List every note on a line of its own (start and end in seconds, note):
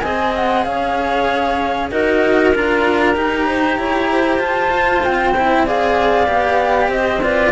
0.00 0.65 C4
0.00 1.91 G#4
0.00 0.65 D#5
0.00 0.31 G#5
0.35 0.63 F#5
0.63 1.90 C#4
0.63 1.91 C#5
0.63 1.88 F5
1.91 2.53 D#4
1.91 2.54 F#4
1.91 3.46 A#4
1.91 2.54 D#5
2.54 3.15 D4
2.54 3.13 F4
2.54 4.41 A#5
3.13 3.77 D#4
3.13 4.69 G4
3.46 3.78 C5
3.77 4.38 E4
3.77 4.11 C#5
4.11 5.65 C5
4.38 5.01 F4
4.38 5.03 A5
4.71 5.33 F4
5.03 6.27 C4
5.03 5.66 G5
5.37 5.66 E4
5.65 6.25 G#4
5.65 6.90 D5
5.65 6.90 F5
6.25 6.88 B3
6.25 7.19 G4
6.88 7.50 C4
6.88 7.21 C5
6.88 7.22 D#5
7.22 7.51 F4
7.22 7.51 B4
7.22 7.51 D5